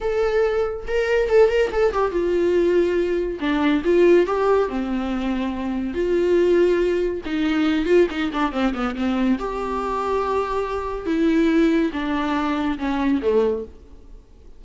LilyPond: \new Staff \with { instrumentName = "viola" } { \time 4/4 \tempo 4 = 141 a'2 ais'4 a'8 ais'8 | a'8 g'8 f'2. | d'4 f'4 g'4 c'4~ | c'2 f'2~ |
f'4 dis'4. f'8 dis'8 d'8 | c'8 b8 c'4 g'2~ | g'2 e'2 | d'2 cis'4 a4 | }